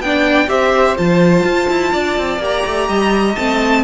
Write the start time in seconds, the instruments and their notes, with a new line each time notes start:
0.00 cello B3, viola D4, violin D5 G5
0.48 cello C4, viola G4, violin C5 E5
0.96 cello F3, viola F4, violin A5
1.43 cello F4
1.69 cello E4
1.92 cello D4, violin D5
2.18 cello C4
2.38 cello A#3, viola G4
2.44 violin A#5
2.66 cello A3
2.88 cello G3, violin D#5
3.36 cello A3, viola C4, violin A5